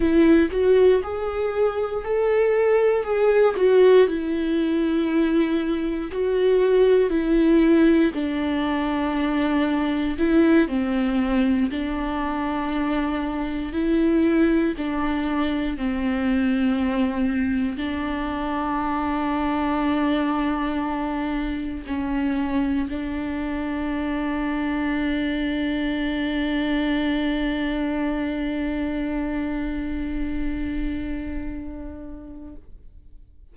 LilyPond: \new Staff \with { instrumentName = "viola" } { \time 4/4 \tempo 4 = 59 e'8 fis'8 gis'4 a'4 gis'8 fis'8 | e'2 fis'4 e'4 | d'2 e'8 c'4 d'8~ | d'4. e'4 d'4 c'8~ |
c'4. d'2~ d'8~ | d'4. cis'4 d'4.~ | d'1~ | d'1 | }